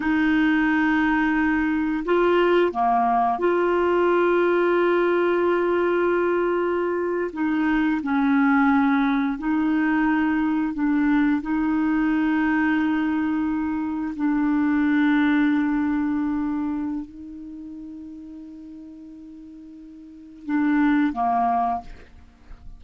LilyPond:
\new Staff \with { instrumentName = "clarinet" } { \time 4/4 \tempo 4 = 88 dis'2. f'4 | ais4 f'2.~ | f'2~ f'8. dis'4 cis'16~ | cis'4.~ cis'16 dis'2 d'16~ |
d'8. dis'2.~ dis'16~ | dis'8. d'2.~ d'16~ | d'4 dis'2.~ | dis'2 d'4 ais4 | }